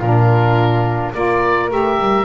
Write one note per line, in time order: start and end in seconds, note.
0.00 1.12 A#2
0.00 1.15 D4
0.00 1.12 F4
0.00 1.14 A#4
1.14 1.71 A#3
1.14 1.69 F4
1.14 2.25 A#4
1.14 1.70 D5
1.69 1.99 A3
1.69 2.25 G4
1.69 2.25 E5
1.99 2.25 G3